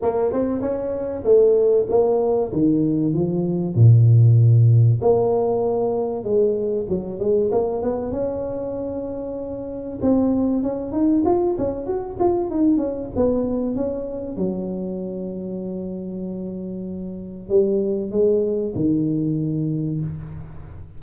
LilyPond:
\new Staff \with { instrumentName = "tuba" } { \time 4/4 \tempo 4 = 96 ais8 c'8 cis'4 a4 ais4 | dis4 f4 ais,2 | ais2 gis4 fis8 gis8 | ais8 b8 cis'2. |
c'4 cis'8 dis'8 f'8 cis'8 fis'8 f'8 | dis'8 cis'8 b4 cis'4 fis4~ | fis1 | g4 gis4 dis2 | }